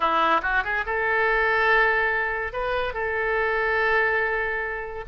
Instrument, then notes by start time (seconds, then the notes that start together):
oboe
0.00 E4
0.42 F#4
0.63 G#4
0.86 A4
2.52 B4
2.93 A4